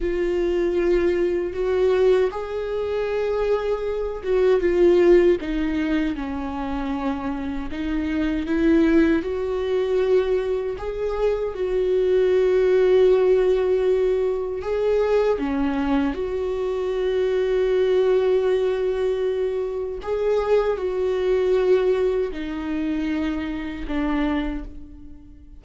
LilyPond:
\new Staff \with { instrumentName = "viola" } { \time 4/4 \tempo 4 = 78 f'2 fis'4 gis'4~ | gis'4. fis'8 f'4 dis'4 | cis'2 dis'4 e'4 | fis'2 gis'4 fis'4~ |
fis'2. gis'4 | cis'4 fis'2.~ | fis'2 gis'4 fis'4~ | fis'4 dis'2 d'4 | }